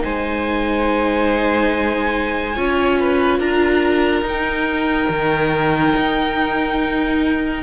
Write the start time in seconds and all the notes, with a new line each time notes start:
0.00 G#3 D#4 C5 G#5
2.55 C#4 F4 C#5
3.00 B4
3.40 D4 A#4 A#5
4.23 D#4 G5
5.09 D#3
5.96 D#4